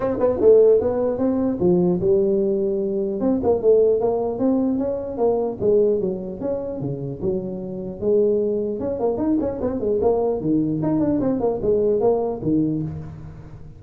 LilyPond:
\new Staff \with { instrumentName = "tuba" } { \time 4/4 \tempo 4 = 150 c'8 b8 a4 b4 c'4 | f4 g2. | c'8 ais8 a4 ais4 c'4 | cis'4 ais4 gis4 fis4 |
cis'4 cis4 fis2 | gis2 cis'8 ais8 dis'8 cis'8 | c'8 gis8 ais4 dis4 dis'8 d'8 | c'8 ais8 gis4 ais4 dis4 | }